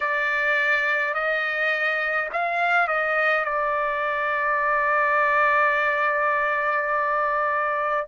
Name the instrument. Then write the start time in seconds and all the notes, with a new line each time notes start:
trumpet
0.00 D5
1.13 D#5
2.32 F5
2.87 D#5
3.45 D5